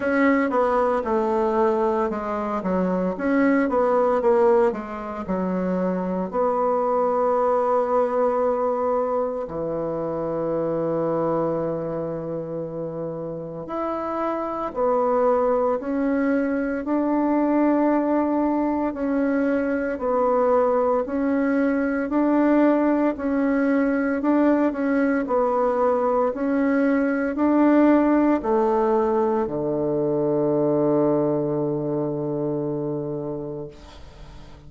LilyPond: \new Staff \with { instrumentName = "bassoon" } { \time 4/4 \tempo 4 = 57 cis'8 b8 a4 gis8 fis8 cis'8 b8 | ais8 gis8 fis4 b2~ | b4 e2.~ | e4 e'4 b4 cis'4 |
d'2 cis'4 b4 | cis'4 d'4 cis'4 d'8 cis'8 | b4 cis'4 d'4 a4 | d1 | }